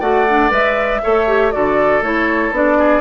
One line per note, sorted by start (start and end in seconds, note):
0.00 0.50 A3
0.00 0.26 F#4
0.00 1.01 D5
0.00 0.51 F#5
0.28 0.50 D4
0.50 1.01 G#3
0.50 1.01 B4
0.50 1.51 E5
1.03 1.55 A3
1.03 1.27 A4
1.03 1.54 C#5
1.27 1.52 G4
1.51 2.02 D3
1.51 2.02 F#4
1.51 2.78 A4
1.51 2.02 D5
2.02 2.51 A3
2.02 2.52 E4
2.02 2.54 C#5
2.51 3.01 B3
2.51 3.01 D4
2.51 3.01 D5
2.78 3.01 G#4